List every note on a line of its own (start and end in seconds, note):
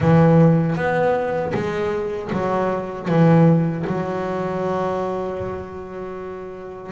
0.00 0.75 E3
0.75 1.52 B3
1.53 2.30 G#3
2.32 3.08 F#3
3.08 3.85 E3
3.87 6.92 F#3